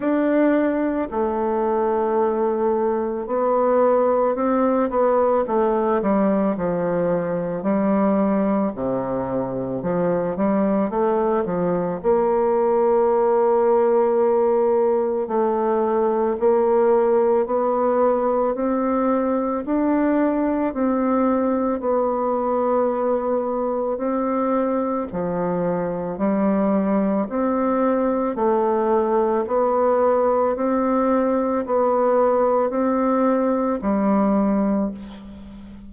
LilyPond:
\new Staff \with { instrumentName = "bassoon" } { \time 4/4 \tempo 4 = 55 d'4 a2 b4 | c'8 b8 a8 g8 f4 g4 | c4 f8 g8 a8 f8 ais4~ | ais2 a4 ais4 |
b4 c'4 d'4 c'4 | b2 c'4 f4 | g4 c'4 a4 b4 | c'4 b4 c'4 g4 | }